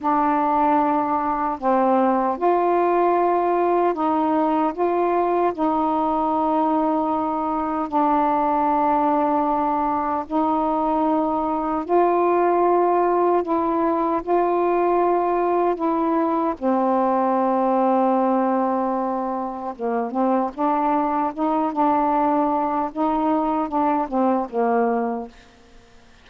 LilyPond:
\new Staff \with { instrumentName = "saxophone" } { \time 4/4 \tempo 4 = 76 d'2 c'4 f'4~ | f'4 dis'4 f'4 dis'4~ | dis'2 d'2~ | d'4 dis'2 f'4~ |
f'4 e'4 f'2 | e'4 c'2.~ | c'4 ais8 c'8 d'4 dis'8 d'8~ | d'4 dis'4 d'8 c'8 ais4 | }